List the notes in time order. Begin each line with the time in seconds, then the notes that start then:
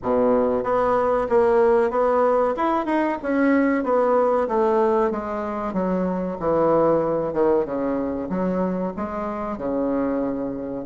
0.03 B2
0.63 B3
1.29 A#3
1.90 B3
2.56 E4
2.85 D#4
3.22 C#4
3.83 B3
4.48 A3
5.11 G#3
5.73 F#3
6.39 E3
7.33 D#3
7.65 C#3
8.29 F#3
8.96 G#3
9.57 C#3